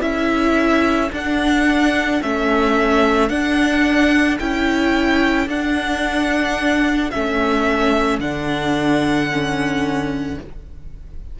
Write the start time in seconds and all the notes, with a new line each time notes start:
0.00 C#4 E4 A4 E5
1.12 D4 F#5
2.22 A3 C#4 E5
3.28 D4 F#5
4.39 C#4 E4 G5
5.47 D4 F#5
7.10 A3 C#4 E5
8.19 D3 D4 F#5
9.30 C#4